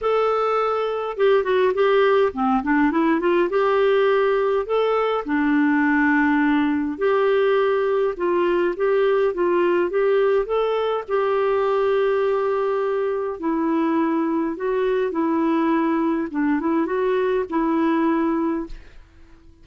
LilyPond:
\new Staff \with { instrumentName = "clarinet" } { \time 4/4 \tempo 4 = 103 a'2 g'8 fis'8 g'4 | c'8 d'8 e'8 f'8 g'2 | a'4 d'2. | g'2 f'4 g'4 |
f'4 g'4 a'4 g'4~ | g'2. e'4~ | e'4 fis'4 e'2 | d'8 e'8 fis'4 e'2 | }